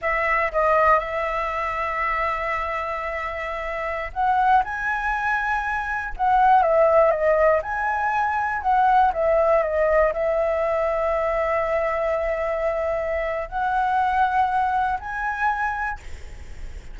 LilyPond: \new Staff \with { instrumentName = "flute" } { \time 4/4 \tempo 4 = 120 e''4 dis''4 e''2~ | e''1~ | e''16 fis''4 gis''2~ gis''8.~ | gis''16 fis''4 e''4 dis''4 gis''8.~ |
gis''4~ gis''16 fis''4 e''4 dis''8.~ | dis''16 e''2.~ e''8.~ | e''2. fis''4~ | fis''2 gis''2 | }